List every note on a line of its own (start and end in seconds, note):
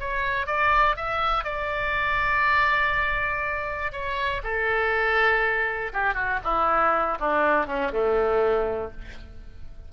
0.00 0.47 C#5
0.47 0.96 D5
0.96 1.44 E5
1.44 3.92 D5
3.92 4.42 C#5
4.44 5.92 A4
5.93 6.14 G4
6.14 6.39 F#4
6.44 7.18 E4
7.20 7.67 D4
7.67 7.91 C#4
7.93 8.92 A3